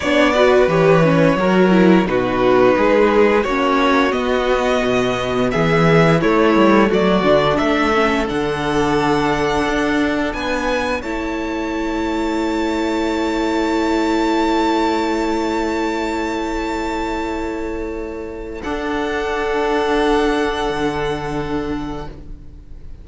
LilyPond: <<
  \new Staff \with { instrumentName = "violin" } { \time 4/4 \tempo 4 = 87 d''4 cis''2 b'4~ | b'4 cis''4 dis''2 | e''4 cis''4 d''4 e''4 | fis''2. gis''4 |
a''1~ | a''1~ | a''2. fis''4~ | fis''1 | }
  \new Staff \with { instrumentName = "violin" } { \time 4/4 cis''8 b'4. ais'4 fis'4 | gis'4 fis'2. | gis'4 e'4 fis'4 a'4~ | a'2. b'4 |
cis''1~ | cis''1~ | cis''2. a'4~ | a'1 | }
  \new Staff \with { instrumentName = "viola" } { \time 4/4 d'8 fis'8 g'8 cis'8 fis'8 e'8 dis'4~ | dis'4 cis'4 b2~ | b4 a4. d'4 cis'8 | d'1 |
e'1~ | e'1~ | e'2. d'4~ | d'1 | }
  \new Staff \with { instrumentName = "cello" } { \time 4/4 b4 e4 fis4 b,4 | gis4 ais4 b4 b,4 | e4 a8 g8 fis8 d8 a4 | d2 d'4 b4 |
a1~ | a1~ | a2. d'4~ | d'2 d2 | }
>>